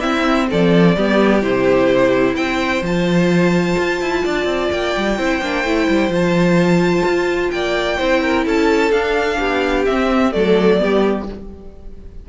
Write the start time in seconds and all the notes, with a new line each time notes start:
0.00 C4 E4 E5
0.49 F3 A4 D5
0.96 G3 B3 G4
1.42 C3 E4 C5
2.34 C4 C5 G5
2.81 F3 F4 A5
3.77 F4
4.01 E4
4.24 D4 D5
4.45 C4
4.71 A#3 G5
4.96 G3
5.17 C4 E4 C5
5.41 A#3 D4
5.63 A3 E4
5.88 G3
6.08 F3 F4
6.15 A5
7.04 F4
7.50 A#3 D5 G5
7.97 C4 E4 C5
8.21 A#4
8.45 C#4 A4 A5
8.91 D4 F5
9.38 B3 G4
9.85 C4 E5
10.32 F#3 A3 A4 D5
10.77 G3 B3 G4